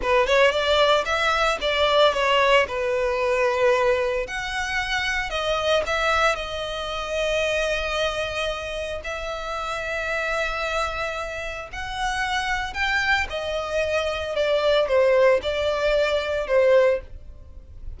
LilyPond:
\new Staff \with { instrumentName = "violin" } { \time 4/4 \tempo 4 = 113 b'8 cis''8 d''4 e''4 d''4 | cis''4 b'2. | fis''2 dis''4 e''4 | dis''1~ |
dis''4 e''2.~ | e''2 fis''2 | g''4 dis''2 d''4 | c''4 d''2 c''4 | }